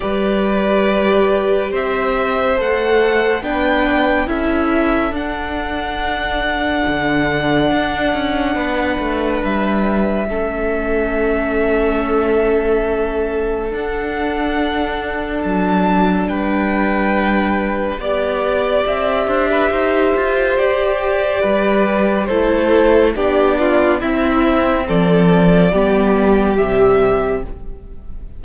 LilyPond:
<<
  \new Staff \with { instrumentName = "violin" } { \time 4/4 \tempo 4 = 70 d''2 e''4 fis''4 | g''4 e''4 fis''2~ | fis''2. e''4~ | e''1 |
fis''2 a''4 g''4~ | g''4 d''4 e''2 | d''2 c''4 d''4 | e''4 d''2 e''4 | }
  \new Staff \with { instrumentName = "violin" } { \time 4/4 b'2 c''2 | b'4 a'2.~ | a'2 b'2 | a'1~ |
a'2. b'4~ | b'4 d''4. c''16 b'16 c''4~ | c''4 b'4 a'4 g'8 f'8 | e'4 a'4 g'2 | }
  \new Staff \with { instrumentName = "viola" } { \time 4/4 g'2. a'4 | d'4 e'4 d'2~ | d'1 | cis'1 |
d'1~ | d'4 g'2.~ | g'2 e'4 d'4 | c'2 b4 g4 | }
  \new Staff \with { instrumentName = "cello" } { \time 4/4 g2 c'4 a4 | b4 cis'4 d'2 | d4 d'8 cis'8 b8 a8 g4 | a1 |
d'2 fis4 g4~ | g4 b4 c'8 d'8 dis'8 f'8 | g'4 g4 a4 b4 | c'4 f4 g4 c4 | }
>>